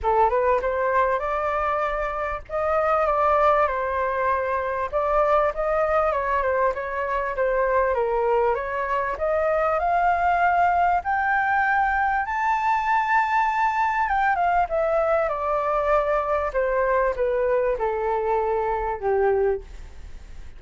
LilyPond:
\new Staff \with { instrumentName = "flute" } { \time 4/4 \tempo 4 = 98 a'8 b'8 c''4 d''2 | dis''4 d''4 c''2 | d''4 dis''4 cis''8 c''8 cis''4 | c''4 ais'4 cis''4 dis''4 |
f''2 g''2 | a''2. g''8 f''8 | e''4 d''2 c''4 | b'4 a'2 g'4 | }